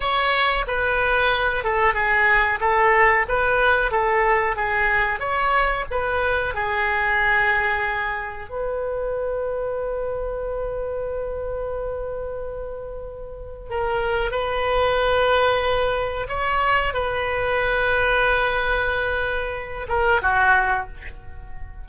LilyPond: \new Staff \with { instrumentName = "oboe" } { \time 4/4 \tempo 4 = 92 cis''4 b'4. a'8 gis'4 | a'4 b'4 a'4 gis'4 | cis''4 b'4 gis'2~ | gis'4 b'2.~ |
b'1~ | b'4 ais'4 b'2~ | b'4 cis''4 b'2~ | b'2~ b'8 ais'8 fis'4 | }